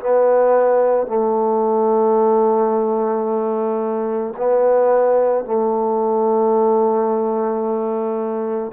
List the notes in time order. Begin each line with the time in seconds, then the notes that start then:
0.00 B3
1.07 A3
4.37 B3
5.45 A3